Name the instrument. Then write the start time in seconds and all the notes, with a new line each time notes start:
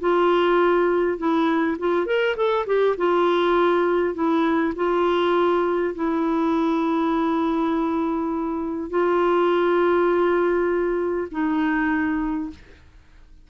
clarinet
0.00 F4
1.18 E4
1.79 F4
2.06 A#4
2.37 A4
2.67 G4
2.97 F4
4.14 E4
4.76 F4
5.95 E4
8.90 F4
11.31 D#4